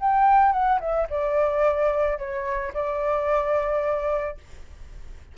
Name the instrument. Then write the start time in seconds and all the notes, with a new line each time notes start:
flute
0.00 G5
0.52 F#5
0.80 E5
1.10 D5
2.18 C#5
2.74 D5